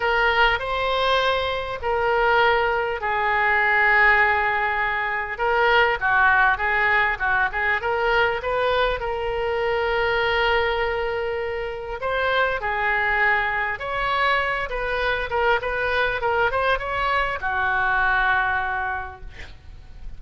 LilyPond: \new Staff \with { instrumentName = "oboe" } { \time 4/4 \tempo 4 = 100 ais'4 c''2 ais'4~ | ais'4 gis'2.~ | gis'4 ais'4 fis'4 gis'4 | fis'8 gis'8 ais'4 b'4 ais'4~ |
ais'1 | c''4 gis'2 cis''4~ | cis''8 b'4 ais'8 b'4 ais'8 c''8 | cis''4 fis'2. | }